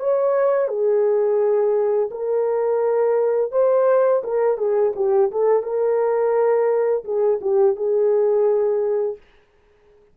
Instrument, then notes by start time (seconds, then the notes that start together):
horn
0.00 C#5
0.68 G#4
2.11 A#4
3.52 C5
4.24 A#4
4.58 G#4
4.96 G4
5.32 A4
5.63 A#4
7.05 G#4
7.41 G4
7.76 G#4